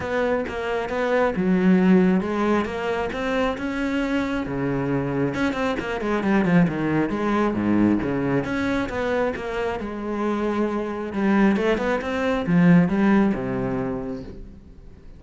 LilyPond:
\new Staff \with { instrumentName = "cello" } { \time 4/4 \tempo 4 = 135 b4 ais4 b4 fis4~ | fis4 gis4 ais4 c'4 | cis'2 cis2 | cis'8 c'8 ais8 gis8 g8 f8 dis4 |
gis4 gis,4 cis4 cis'4 | b4 ais4 gis2~ | gis4 g4 a8 b8 c'4 | f4 g4 c2 | }